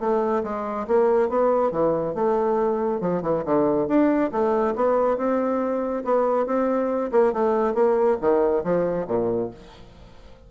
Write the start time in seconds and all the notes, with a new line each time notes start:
0.00 A3
0.44 G#3
0.88 A#3
1.29 B3
1.71 E3
2.15 A3
3.01 F3
3.22 E3
3.45 D3
3.88 D4
4.32 A3
4.76 B3
5.17 C4
6.05 B3
6.46 C4
7.12 A#3
7.33 A3
7.74 A#3
8.21 D#3
8.64 F3
9.08 A#2